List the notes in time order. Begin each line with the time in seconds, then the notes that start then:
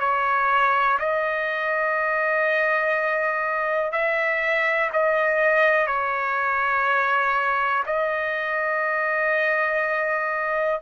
0.00 C#5
0.99 D#5
3.92 E5
4.93 D#5
5.87 C#5
7.86 D#5